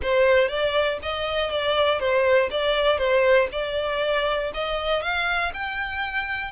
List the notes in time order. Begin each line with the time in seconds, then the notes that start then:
0.02 C5
0.48 D5
1.02 D#5
1.50 D5
1.99 C5
2.50 D5
2.98 C5
3.52 D5
4.53 D#5
5.02 F5
5.53 G5